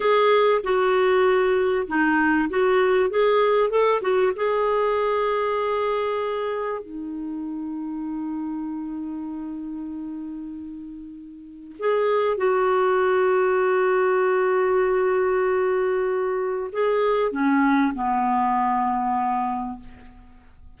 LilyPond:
\new Staff \with { instrumentName = "clarinet" } { \time 4/4 \tempo 4 = 97 gis'4 fis'2 dis'4 | fis'4 gis'4 a'8 fis'8 gis'4~ | gis'2. dis'4~ | dis'1~ |
dis'2. gis'4 | fis'1~ | fis'2. gis'4 | cis'4 b2. | }